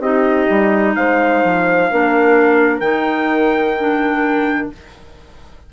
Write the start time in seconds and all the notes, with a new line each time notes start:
0.00 C4 D#4 G4 D#5
0.50 G3
0.96 G#3 C5 F5
1.44 F3
1.91 A#3 D4 A#4
2.80 D#3 D#4 G5
3.79 D4